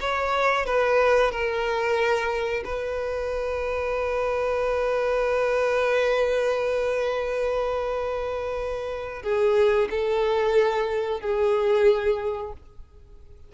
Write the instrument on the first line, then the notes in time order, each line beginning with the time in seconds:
violin
0.00 C#5
0.66 B4
1.31 A#4
2.64 B4
9.22 G#4
9.90 A4
11.21 G#4